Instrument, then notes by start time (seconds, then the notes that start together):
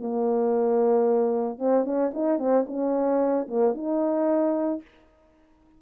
horn
0.00 A#3
1.59 C4
1.85 C#4
2.14 D#4
2.39 C4
2.67 C#4
3.48 A#3
3.75 D#4